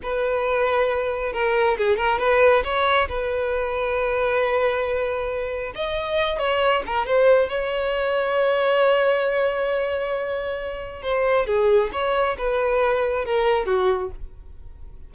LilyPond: \new Staff \with { instrumentName = "violin" } { \time 4/4 \tempo 4 = 136 b'2. ais'4 | gis'8 ais'8 b'4 cis''4 b'4~ | b'1~ | b'4 dis''4. cis''4 ais'8 |
c''4 cis''2.~ | cis''1~ | cis''4 c''4 gis'4 cis''4 | b'2 ais'4 fis'4 | }